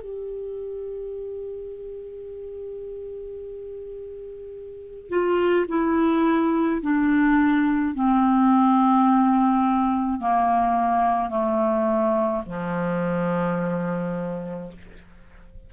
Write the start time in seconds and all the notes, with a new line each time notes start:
0.00 G4
5.09 F4
5.68 E4
6.81 D4
7.95 C4
10.20 A#3
11.29 A3
12.45 F3